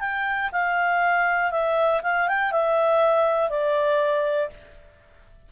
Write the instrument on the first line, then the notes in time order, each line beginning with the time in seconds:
clarinet
0.00 G5
0.53 F5
1.52 E5
2.03 F5
2.28 G5
2.52 E5
3.50 D5